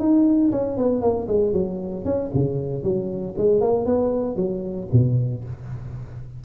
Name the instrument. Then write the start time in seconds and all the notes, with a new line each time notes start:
tuba
0.00 D#4
0.52 C#4
0.78 B3
1.02 A#3
1.28 G#3
1.53 F#3
2.05 C#4
2.34 C#3
2.84 F#3
3.38 G#3
3.61 A#3
3.86 B3
4.37 F#3
4.93 B2